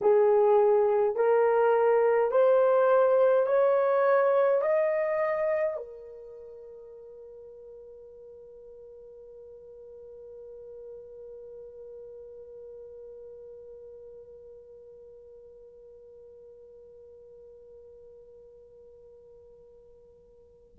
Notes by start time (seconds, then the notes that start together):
0.01 G#4
1.15 A#4
2.31 C5
3.46 C#5
4.62 D#5
5.76 A#4